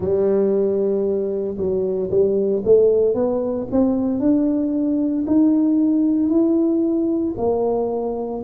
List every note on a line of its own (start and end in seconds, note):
0.00 1.56 G3
1.57 2.10 F#3
2.10 2.63 G3
2.64 3.14 A3
3.14 3.67 B3
3.71 4.19 C4
4.19 5.24 D4
5.26 6.29 D#4
6.29 7.34 E4
7.37 8.42 A#3